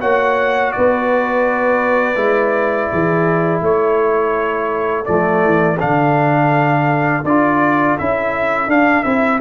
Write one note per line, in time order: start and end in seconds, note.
0.00 0.74 A#3
0.00 2.15 F#4
0.00 0.72 C#5
0.00 0.72 F#5
0.72 2.16 B3
0.72 2.91 B4
0.72 3.61 D5
2.15 2.88 G#3
2.15 5.04 E4
2.91 3.61 E3
2.91 3.63 G#4
3.61 5.06 A3
3.61 9.41 A4
3.61 5.05 C#5
5.04 5.44 F3
5.04 5.77 A3
5.04 5.77 D5
5.44 5.80 E3
5.78 7.23 D3
5.78 7.23 D4
5.78 7.25 F5
7.23 7.96 D4
7.23 7.98 F4
7.23 7.97 D5
7.98 8.67 C#4
7.98 8.68 E4
7.98 8.70 E5
8.67 9.03 D4
8.67 9.04 D4
8.67 9.03 F5
9.03 9.41 C4
9.03 9.40 E4
9.03 9.39 E5